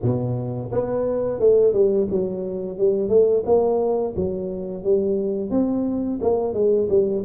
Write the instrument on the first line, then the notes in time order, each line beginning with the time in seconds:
tuba
0.02 B2
0.71 B3
1.39 A3
1.73 G3
2.10 F#3
2.77 G3
3.08 A3
3.45 A#3
4.15 F#3
4.83 G3
5.50 C4
6.21 A#3
6.53 G#3
6.89 G3